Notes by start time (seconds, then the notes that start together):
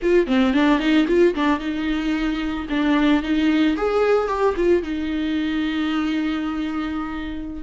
0.02 F4
0.26 C4
0.53 D4
0.79 D#4
1.07 F4
1.34 D4
1.59 D#4
2.69 D4
3.22 D#4
3.76 G#4
4.28 G4
4.56 F4
4.82 D#4